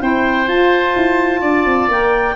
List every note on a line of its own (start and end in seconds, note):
0.00 0.48 C4
0.00 0.47 E4
0.00 1.41 C5
0.00 0.48 G5
0.48 0.95 F4
0.48 1.91 F4
0.48 1.90 A5
0.96 1.42 E4
1.41 1.66 D4
1.41 2.36 D5
1.66 1.89 C4
1.89 2.36 A#3
1.89 2.36 A#4
1.89 2.36 G5